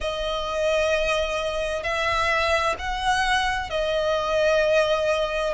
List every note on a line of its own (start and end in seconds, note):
0.00 1.83 D#5
1.83 2.75 E5
2.78 3.70 F#5
3.70 5.53 D#5